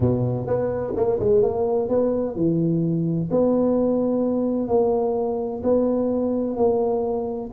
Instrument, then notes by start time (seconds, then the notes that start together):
tuba
0.00 B2
0.46 B3
0.95 A#3
1.19 G#3
1.42 A#3
1.89 B3
2.35 E3
3.30 B3
4.68 A#3
5.63 B3
6.56 A#3